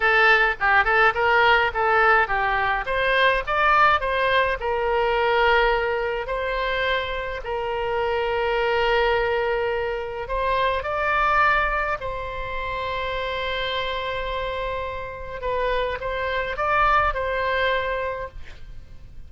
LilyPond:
\new Staff \with { instrumentName = "oboe" } { \time 4/4 \tempo 4 = 105 a'4 g'8 a'8 ais'4 a'4 | g'4 c''4 d''4 c''4 | ais'2. c''4~ | c''4 ais'2.~ |
ais'2 c''4 d''4~ | d''4 c''2.~ | c''2. b'4 | c''4 d''4 c''2 | }